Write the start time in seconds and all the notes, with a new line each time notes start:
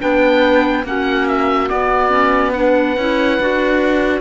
0.00 B3 D4 B4 G5
0.85 A#3 C#4 F#4 F#5
1.28 E5
1.68 B3 D5
2.10 C#4
2.53 D4 B4 F#5
2.98 C#4 E4
3.40 D4 F#4